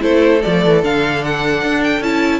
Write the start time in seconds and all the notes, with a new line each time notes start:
0.00 A3 E4 A4 C5
0.42 F3 A3 D5
0.65 E3
0.83 D3 D4 F5
1.24 F#5
1.62 D4
1.83 G5
2.00 C#4 E4 A5